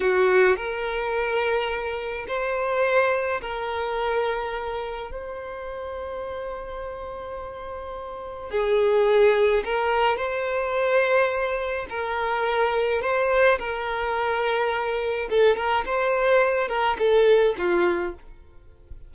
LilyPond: \new Staff \with { instrumentName = "violin" } { \time 4/4 \tempo 4 = 106 fis'4 ais'2. | c''2 ais'2~ | ais'4 c''2.~ | c''2. gis'4~ |
gis'4 ais'4 c''2~ | c''4 ais'2 c''4 | ais'2. a'8 ais'8 | c''4. ais'8 a'4 f'4 | }